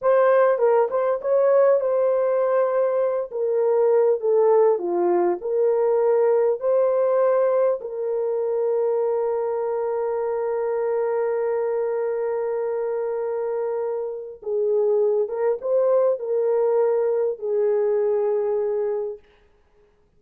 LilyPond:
\new Staff \with { instrumentName = "horn" } { \time 4/4 \tempo 4 = 100 c''4 ais'8 c''8 cis''4 c''4~ | c''4. ais'4. a'4 | f'4 ais'2 c''4~ | c''4 ais'2.~ |
ais'1~ | ais'1 | gis'4. ais'8 c''4 ais'4~ | ais'4 gis'2. | }